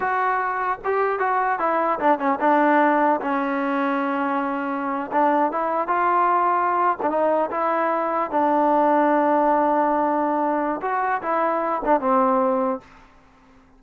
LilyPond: \new Staff \with { instrumentName = "trombone" } { \time 4/4 \tempo 4 = 150 fis'2 g'4 fis'4 | e'4 d'8 cis'8 d'2 | cis'1~ | cis'8. d'4 e'4 f'4~ f'16~ |
f'4. d'16 dis'4 e'4~ e'16~ | e'8. d'2.~ d'16~ | d'2. fis'4 | e'4. d'8 c'2 | }